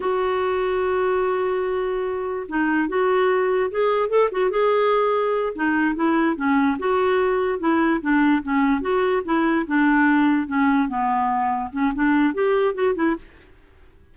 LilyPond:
\new Staff \with { instrumentName = "clarinet" } { \time 4/4 \tempo 4 = 146 fis'1~ | fis'2 dis'4 fis'4~ | fis'4 gis'4 a'8 fis'8 gis'4~ | gis'4. dis'4 e'4 cis'8~ |
cis'8 fis'2 e'4 d'8~ | d'8 cis'4 fis'4 e'4 d'8~ | d'4. cis'4 b4.~ | b8 cis'8 d'4 g'4 fis'8 e'8 | }